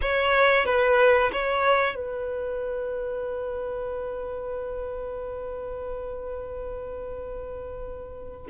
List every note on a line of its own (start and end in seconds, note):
0.01 0.65 C#5
0.65 1.30 B4
1.32 1.95 C#5
1.95 8.47 B4